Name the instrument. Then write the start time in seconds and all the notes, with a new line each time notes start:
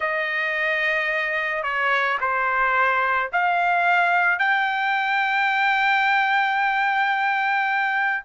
trumpet
0.00 D#5
1.63 C#5
2.20 C5
3.32 F5
4.39 G5